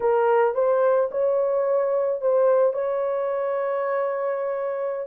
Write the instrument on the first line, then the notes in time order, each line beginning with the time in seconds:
horn
0.00 A#4
0.54 C5
1.11 C#5
2.21 C5
2.73 C#5